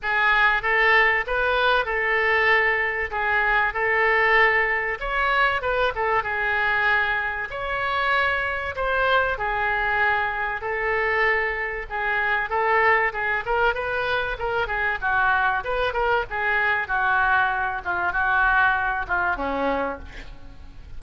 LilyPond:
\new Staff \with { instrumentName = "oboe" } { \time 4/4 \tempo 4 = 96 gis'4 a'4 b'4 a'4~ | a'4 gis'4 a'2 | cis''4 b'8 a'8 gis'2 | cis''2 c''4 gis'4~ |
gis'4 a'2 gis'4 | a'4 gis'8 ais'8 b'4 ais'8 gis'8 | fis'4 b'8 ais'8 gis'4 fis'4~ | fis'8 f'8 fis'4. f'8 cis'4 | }